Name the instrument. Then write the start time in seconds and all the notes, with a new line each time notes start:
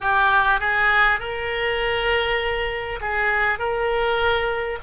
oboe
0.01 G4
0.60 G#4
1.19 A#4
3.00 G#4
3.58 A#4